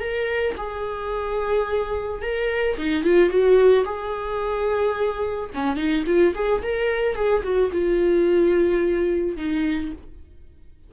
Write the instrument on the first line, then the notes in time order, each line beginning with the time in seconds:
viola
0.00 A#4
0.57 G#4
2.22 A#4
2.77 D#4
3.04 F4
3.30 F#4
3.85 G#4
5.54 C#4
5.76 D#4
6.06 F4
6.35 G#4
6.63 A#4
7.15 G#4
7.43 F#4
7.72 F4
9.37 D#4